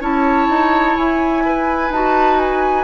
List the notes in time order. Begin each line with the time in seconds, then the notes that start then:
0.00 C#4 E4 C#5 A5
0.49 D#4
0.97 E4 G#5
1.45 B4
1.90 D#4 F#4 A5
2.39 G#5